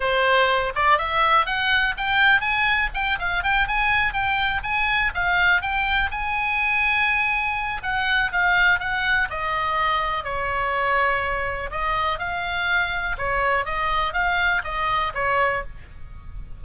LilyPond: \new Staff \with { instrumentName = "oboe" } { \time 4/4 \tempo 4 = 123 c''4. d''8 e''4 fis''4 | g''4 gis''4 g''8 f''8 g''8 gis''8~ | gis''8 g''4 gis''4 f''4 g''8~ | g''8 gis''2.~ gis''8 |
fis''4 f''4 fis''4 dis''4~ | dis''4 cis''2. | dis''4 f''2 cis''4 | dis''4 f''4 dis''4 cis''4 | }